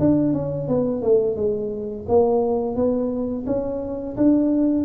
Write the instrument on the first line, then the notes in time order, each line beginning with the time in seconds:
tuba
0.00 D4
0.33 C#4
0.68 B3
1.02 A3
1.36 G#3
2.09 A#3
2.76 B3
3.47 C#4
4.17 D4